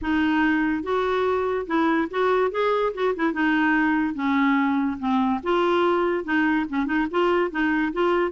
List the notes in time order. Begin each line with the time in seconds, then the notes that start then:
0.01 D#4
0.83 F#4
1.66 E4
2.10 F#4
2.51 G#4
2.94 F#4
3.15 E4
3.33 D#4
4.14 C#4
4.99 C4
5.43 F4
6.24 D#4
6.69 C#4
6.86 D#4
7.10 F4
7.51 D#4
7.92 F4